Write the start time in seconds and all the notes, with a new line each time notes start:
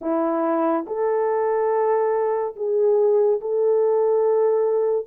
0.01 E4
0.86 A4
2.56 G#4
3.40 A4